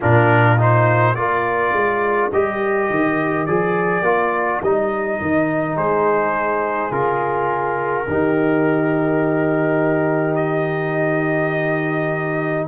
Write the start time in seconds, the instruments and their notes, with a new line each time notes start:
0.00 tuba A#2, trombone D4, horn F4, trumpet A#4
0.57 trombone D#4, trumpet C5
1.14 tuba A#3, trombone F4, horn A#4, trumpet D5
1.72 tuba G#3
2.31 tuba G3, trombone G4, trumpet D#5
2.89 tuba D#3
3.45 tuba F3, trombone G#4, trumpet D5
4.02 tuba A#3, trombone F4
4.62 tuba G3, trombone D#4, trumpet D#5
5.21 tuba D#3
5.75 tuba G#3, horn G#4, trumpet C5
6.90 tuba C#3, trombone F4, trumpet A#4
8.07 tuba D#3, trombone D#4, horn G4
10.35 trumpet D#5